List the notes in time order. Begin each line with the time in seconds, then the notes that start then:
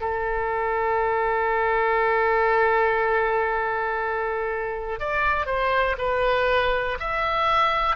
0.00 A4
5.00 D5
5.46 C5
5.98 B4
7.00 E5